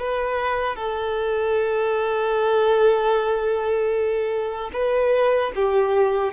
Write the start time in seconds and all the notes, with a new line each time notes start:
0.00 B4
0.76 A4
4.73 B4
5.56 G4